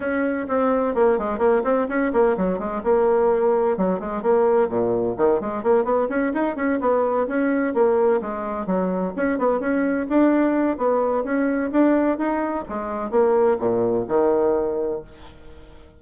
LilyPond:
\new Staff \with { instrumentName = "bassoon" } { \time 4/4 \tempo 4 = 128 cis'4 c'4 ais8 gis8 ais8 c'8 | cis'8 ais8 fis8 gis8 ais2 | fis8 gis8 ais4 ais,4 dis8 gis8 | ais8 b8 cis'8 dis'8 cis'8 b4 cis'8~ |
cis'8 ais4 gis4 fis4 cis'8 | b8 cis'4 d'4. b4 | cis'4 d'4 dis'4 gis4 | ais4 ais,4 dis2 | }